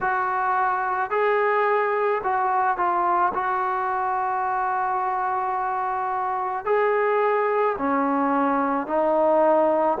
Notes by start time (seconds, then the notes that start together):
0.00 F#4
1.10 G#4
2.23 F#4
2.77 F4
3.33 F#4
6.65 G#4
7.78 C#4
8.86 D#4